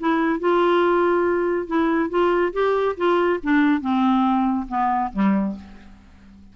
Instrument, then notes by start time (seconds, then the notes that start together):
clarinet
0.00 E4
0.40 F4
1.67 E4
2.10 F4
2.53 G4
2.97 F4
3.43 D4
3.81 C4
4.69 B3
5.13 G3